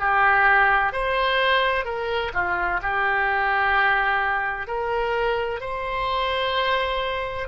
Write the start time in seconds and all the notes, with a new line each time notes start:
0.00 G4
0.93 C5
1.85 A#4
2.34 F4
2.83 G4
4.67 A#4
5.61 C5